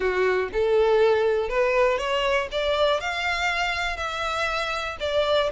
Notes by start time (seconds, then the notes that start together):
0.00 F#4
0.53 A4
1.49 B4
1.98 C#5
2.51 D5
3.00 F5
3.96 E5
5.00 D5